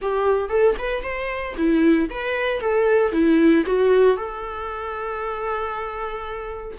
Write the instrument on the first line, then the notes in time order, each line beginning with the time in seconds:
viola
0.01 G4
0.49 A4
0.78 B4
1.02 C5
1.57 E4
2.10 B4
2.60 A4
3.12 E4
3.66 F#4
4.16 A4